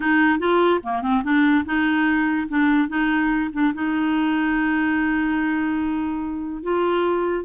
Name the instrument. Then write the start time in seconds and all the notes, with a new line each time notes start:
clarinet
0.00 D#4
0.39 F4
0.83 A#3
1.02 C4
1.23 D4
1.65 D#4
2.48 D4
2.88 D#4
3.52 D4
3.74 D#4
6.62 F4